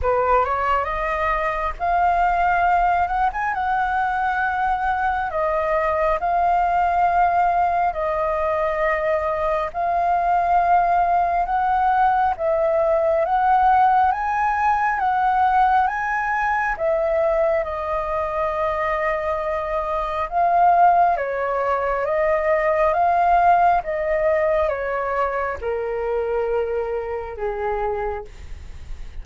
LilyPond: \new Staff \with { instrumentName = "flute" } { \time 4/4 \tempo 4 = 68 b'8 cis''8 dis''4 f''4. fis''16 gis''16 | fis''2 dis''4 f''4~ | f''4 dis''2 f''4~ | f''4 fis''4 e''4 fis''4 |
gis''4 fis''4 gis''4 e''4 | dis''2. f''4 | cis''4 dis''4 f''4 dis''4 | cis''4 ais'2 gis'4 | }